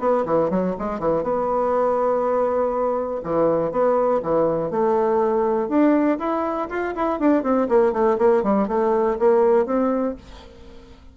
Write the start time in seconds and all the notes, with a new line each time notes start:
0.00 B3
0.26 E3
0.50 F#3
0.79 G#3
1.00 E3
1.23 B3
3.24 E3
3.72 B3
4.23 E3
4.71 A3
5.69 D4
6.19 E4
6.70 F4
6.96 E4
7.20 D4
7.43 C4
7.69 A#3
7.93 A3
8.19 A#3
8.43 G3
8.68 A3
9.19 A#3
9.66 C4